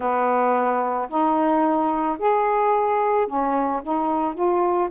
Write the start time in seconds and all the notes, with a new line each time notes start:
0.00 B3
1.09 D#4
2.18 G#4
3.27 C#4
3.82 D#4
4.34 F4